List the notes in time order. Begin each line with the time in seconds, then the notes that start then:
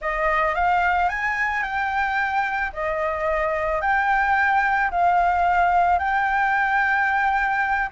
0.01 D#5
0.55 F5
1.09 G#5
1.62 G5
2.72 D#5
3.81 G5
4.90 F5
5.98 G5